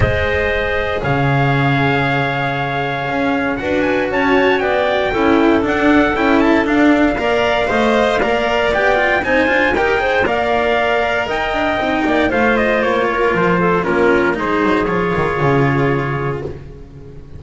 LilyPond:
<<
  \new Staff \with { instrumentName = "trumpet" } { \time 4/4 \tempo 4 = 117 dis''2 f''2~ | f''2. fis''8 gis''8 | a''4 g''2 fis''4 | g''8 a''8 f''2.~ |
f''4 g''4 gis''4 g''4 | f''2 g''2 | f''8 dis''8 cis''4 c''4 ais'4 | c''4 cis''2. | }
  \new Staff \with { instrumentName = "clarinet" } { \time 4/4 c''2 cis''2~ | cis''2. b'4 | cis''4 d''4 a'2~ | a'2 d''4 dis''4 |
d''2 c''4 ais'8 c''8 | d''2 dis''4. d''8 | c''4. ais'4 a'8 f'4 | gis'1 | }
  \new Staff \with { instrumentName = "cello" } { \time 4/4 gis'1~ | gis'2. fis'4~ | fis'2 e'4 d'4 | e'4 d'4 ais'4 c''4 |
ais'4 g'8 f'8 dis'8 f'8 g'8 gis'8 | ais'2. dis'4 | f'2. cis'4 | dis'4 f'2. | }
  \new Staff \with { instrumentName = "double bass" } { \time 4/4 gis2 cis2~ | cis2 cis'4 d'4 | cis'4 b4 cis'4 d'4 | cis'4 d'4 ais4 a4 |
ais4 b4 c'8 d'8 dis'4 | ais2 dis'8 d'8 c'8 ais8 | a4 ais4 f4 ais4 | gis8 fis8 f8 dis8 cis2 | }
>>